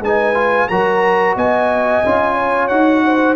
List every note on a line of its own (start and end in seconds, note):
0.00 0.67 G#3
0.00 0.34 D#4
0.00 0.69 B4
0.00 0.68 G#5
0.34 0.67 F4
0.68 1.36 F#3
0.68 2.04 F#4
0.68 1.36 A#4
0.68 1.34 A#5
1.36 2.02 B3
1.36 2.35 D#5
1.36 2.68 G#5
2.05 2.70 C#4
2.05 2.70 F4
2.35 3.01 C#5
2.68 3.36 D#4
2.68 3.36 F#4
2.68 3.35 F#5
3.04 3.36 C5